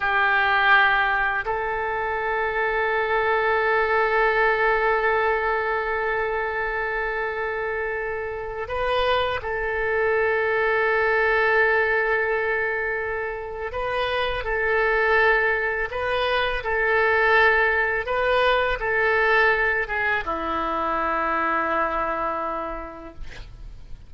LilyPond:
\new Staff \with { instrumentName = "oboe" } { \time 4/4 \tempo 4 = 83 g'2 a'2~ | a'1~ | a'1 | b'4 a'2.~ |
a'2. b'4 | a'2 b'4 a'4~ | a'4 b'4 a'4. gis'8 | e'1 | }